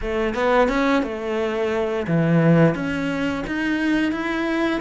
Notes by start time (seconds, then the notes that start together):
0.01 A3
0.34 B3
0.68 C#4
1.03 A3
2.07 E3
2.75 C#4
3.47 D#4
4.12 E4